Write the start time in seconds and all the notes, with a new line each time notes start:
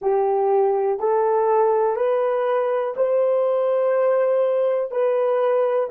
0.01 G4
0.99 A4
1.95 B4
2.96 C5
4.91 B4